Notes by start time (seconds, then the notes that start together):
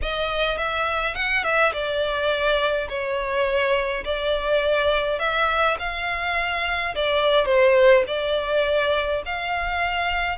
0.02 D#5
0.57 E5
1.15 F#5
1.43 E5
1.72 D5
2.88 C#5
4.04 D5
5.19 E5
5.79 F5
6.95 D5
7.45 C5
8.07 D5
9.25 F5